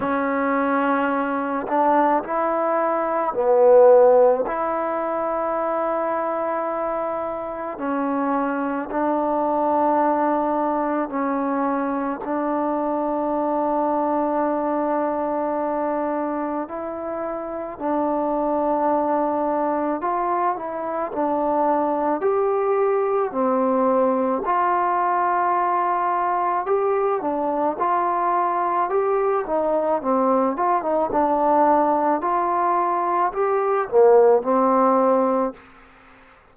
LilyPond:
\new Staff \with { instrumentName = "trombone" } { \time 4/4 \tempo 4 = 54 cis'4. d'8 e'4 b4 | e'2. cis'4 | d'2 cis'4 d'4~ | d'2. e'4 |
d'2 f'8 e'8 d'4 | g'4 c'4 f'2 | g'8 d'8 f'4 g'8 dis'8 c'8 f'16 dis'16 | d'4 f'4 g'8 ais8 c'4 | }